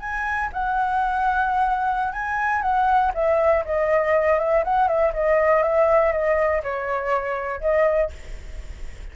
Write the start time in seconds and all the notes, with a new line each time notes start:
0.00 G#5
0.53 F#5
2.13 G#5
2.62 F#5
3.15 E5
3.65 D#5
4.39 E5
4.64 F#5
4.88 E5
5.14 D#5
5.63 E5
6.12 D#5
6.63 C#5
7.61 D#5